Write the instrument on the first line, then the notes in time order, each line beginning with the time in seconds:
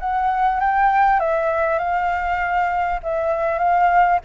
flute
0.00 F#5
0.60 G5
1.20 E5
1.79 F5
3.03 E5
3.58 F5